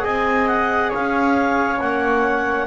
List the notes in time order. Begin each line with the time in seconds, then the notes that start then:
0.00 C4 G#4 D#5 G#5
0.47 F#5
0.89 C#4 C#5 F5
1.80 A#3 C#4 F#5